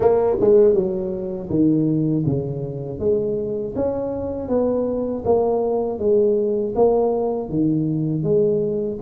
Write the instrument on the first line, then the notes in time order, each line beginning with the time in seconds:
tuba
0.00 A#3
0.40 G#3
0.73 F#3
1.49 D#3
2.26 C#3
2.99 G#3
3.75 C#4
4.48 B3
5.24 A#3
5.98 G#3
6.75 A#3
7.49 D#3
8.23 G#3